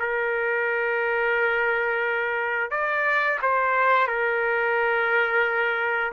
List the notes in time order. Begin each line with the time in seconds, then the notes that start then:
0.00 A#4
2.71 D5
3.42 C5
4.08 A#4